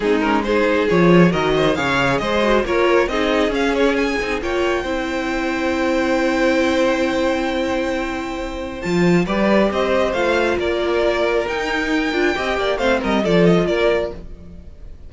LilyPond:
<<
  \new Staff \with { instrumentName = "violin" } { \time 4/4 \tempo 4 = 136 gis'8 ais'8 c''4 cis''4 dis''4 | f''4 dis''4 cis''4 dis''4 | f''8 cis''8 gis''4 g''2~ | g''1~ |
g''1 | a''4 d''4 dis''4 f''4 | d''2 g''2~ | g''4 f''8 dis''8 d''8 dis''8 d''4 | }
  \new Staff \with { instrumentName = "violin" } { \time 4/4 dis'4 gis'2 ais'8 c''8 | cis''4 c''4 ais'4 gis'4~ | gis'2 cis''4 c''4~ | c''1~ |
c''1~ | c''4 b'4 c''2 | ais'1 | dis''8 d''8 c''8 ais'8 a'4 ais'4 | }
  \new Staff \with { instrumentName = "viola" } { \time 4/4 c'8 cis'8 dis'4 f'4 fis'4 | gis'4. fis'8 f'4 dis'4 | cis'4. dis'8 f'4 e'4~ | e'1~ |
e'1 | f'4 g'2 f'4~ | f'2 dis'4. f'8 | g'4 c'4 f'2 | }
  \new Staff \with { instrumentName = "cello" } { \time 4/4 gis2 f4 dis4 | cis4 gis4 ais4 c'4 | cis'4. c'8 ais4 c'4~ | c'1~ |
c'1 | f4 g4 c'4 a4 | ais2 dis'4. d'8 | c'8 ais8 a8 g8 f4 ais4 | }
>>